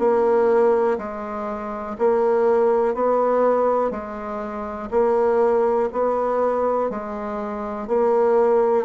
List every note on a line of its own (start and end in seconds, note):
0.00 0.98 A#3
0.99 1.97 G#3
1.99 2.95 A#3
2.95 3.91 B3
3.91 4.90 G#3
4.91 5.90 A#3
5.93 6.91 B3
6.91 7.88 G#3
7.88 8.86 A#3